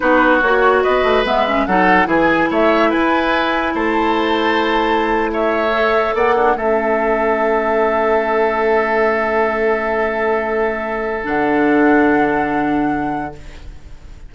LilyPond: <<
  \new Staff \with { instrumentName = "flute" } { \time 4/4 \tempo 4 = 144 b'4 cis''4 dis''4 e''4 | fis''4 gis''4 e''4 gis''4~ | gis''4 a''2.~ | a''8. e''2 fis''4 e''16~ |
e''1~ | e''1~ | e''2. fis''4~ | fis''1 | }
  \new Staff \with { instrumentName = "oboe" } { \time 4/4 fis'2 b'2 | a'4 gis'4 cis''4 b'4~ | b'4 c''2.~ | c''8. cis''2 d''8 d'8 a'16~ |
a'1~ | a'1~ | a'1~ | a'1 | }
  \new Staff \with { instrumentName = "clarinet" } { \time 4/4 dis'4 fis'2 b8 cis'8 | dis'4 e'2.~ | e'1~ | e'4.~ e'16 a'2 cis'16~ |
cis'1~ | cis'1~ | cis'2. d'4~ | d'1 | }
  \new Staff \with { instrumentName = "bassoon" } { \time 4/4 b4 ais4 b8 a8 gis4 | fis4 e4 a4 e'4~ | e'4 a2.~ | a2~ a8. ais4 a16~ |
a1~ | a1~ | a2. d4~ | d1 | }
>>